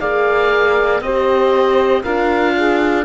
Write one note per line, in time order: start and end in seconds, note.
0.00 1.00 A#3
0.00 1.02 G#4
0.00 1.02 D5
0.00 1.02 F5
1.00 2.02 C4
1.00 2.04 G4
1.00 2.02 C5
1.00 2.03 D#5
2.02 3.05 D4
2.02 3.05 F4
2.02 2.53 A#4
2.02 3.05 F5
2.57 3.05 G#4